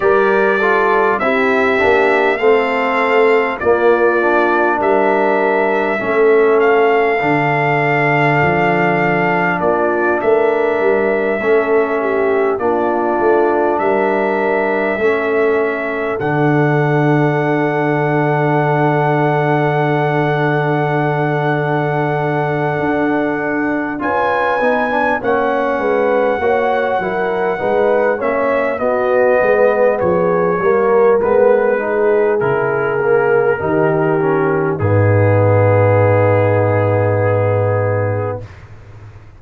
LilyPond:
<<
  \new Staff \with { instrumentName = "trumpet" } { \time 4/4 \tempo 4 = 50 d''4 e''4 f''4 d''4 | e''4. f''2~ f''8 | d''8 e''2 d''4 e''8~ | e''4. fis''2~ fis''8~ |
fis''1 | gis''4 fis''2~ fis''8 e''8 | dis''4 cis''4 b'4 ais'4~ | ais'4 gis'2. | }
  \new Staff \with { instrumentName = "horn" } { \time 4/4 ais'8 a'8 g'4 a'4 f'4 | ais'4 a'2. | f'8 ais'4 a'8 g'8 f'4 ais'8~ | ais'8 a'2.~ a'8~ |
a'1 | b'4 cis''8 b'8 cis''8 ais'8 b'8 cis''8 | fis'8 b'8 gis'8 ais'4 gis'4. | g'4 dis'2. | }
  \new Staff \with { instrumentName = "trombone" } { \time 4/4 g'8 f'8 e'8 d'8 c'4 ais8 d'8~ | d'4 cis'4 d'2~ | d'4. cis'4 d'4.~ | d'8 cis'4 d'2~ d'8~ |
d'1 | f'8 dis'16 d'16 cis'4 fis'8 e'8 dis'8 cis'8 | b4. ais8 b8 dis'8 e'8 ais8 | dis'8 cis'8 b2. | }
  \new Staff \with { instrumentName = "tuba" } { \time 4/4 g4 c'8 ais8 a4 ais4 | g4 a4 d4 f4 | ais8 a8 g8 a4 ais8 a8 g8~ | g8 a4 d2~ d8~ |
d2. d'4 | cis'8 b8 ais8 gis8 ais8 fis8 gis8 ais8 | b8 gis8 f8 g8 gis4 cis4 | dis4 gis,2. | }
>>